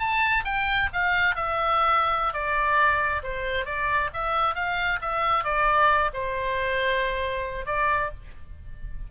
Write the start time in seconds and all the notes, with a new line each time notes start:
0.00 A5
0.45 G5
0.93 F5
1.36 E5
2.34 D5
3.24 C5
3.66 D5
4.14 E5
4.55 F5
5.02 E5
5.45 D5
6.14 C5
7.66 D5